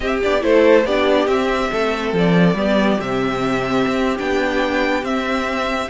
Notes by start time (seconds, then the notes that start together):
0.00 C4 G4 E5
0.22 B3 D4 D5
0.40 A3 E4 A4 C5
0.85 B3 D4 G4 D5
1.27 C4 E5
1.71 A3 A4
2.12 F3 D5
2.54 G3 B3 G4
2.99 C3 C4 E5
3.86 C4
4.18 B3 D4 G5
5.02 C4 E5